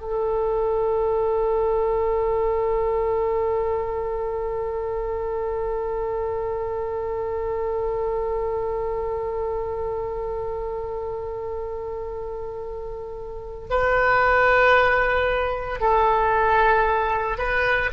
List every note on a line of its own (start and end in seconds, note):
0.00 13.68 A4
13.70 15.80 B4
15.80 17.38 A4
17.38 17.90 B4